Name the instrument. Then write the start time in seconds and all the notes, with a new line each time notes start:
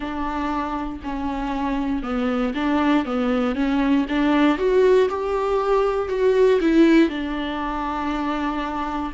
viola
0.00 D4
1.03 C#4
2.02 B3
2.54 D4
3.05 B3
3.55 C#4
4.09 D4
4.58 F#4
5.08 G4
6.08 F#4
6.61 E4
7.09 D4